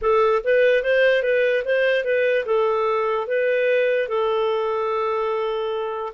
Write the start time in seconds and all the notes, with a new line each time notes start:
0.01 A4
0.43 B4
0.83 C5
1.22 B4
1.64 C5
2.04 B4
2.45 A4
3.27 B4
4.08 A4